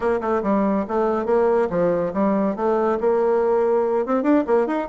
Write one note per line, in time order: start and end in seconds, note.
0.00 0.20 A#3
0.20 0.42 A3
0.43 0.85 G3
0.88 1.25 A3
1.25 1.68 A#3
1.69 2.12 F3
2.13 2.56 G3
2.56 2.98 A3
3.00 4.06 A#3
4.06 4.22 C4
4.22 4.44 D4
4.46 4.67 A#3
4.67 4.88 D#4